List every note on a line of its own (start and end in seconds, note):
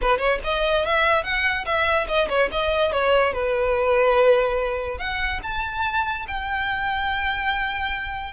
0.01 0.18 B4
0.18 0.39 C#5
0.44 0.85 D#5
0.85 1.23 E5
1.23 1.65 F#5
1.65 2.07 E5
2.07 2.28 D#5
2.28 2.49 C#5
2.51 2.91 D#5
2.91 3.33 C#5
3.33 4.98 B4
4.98 5.40 F#5
5.42 6.26 A5
6.27 8.33 G5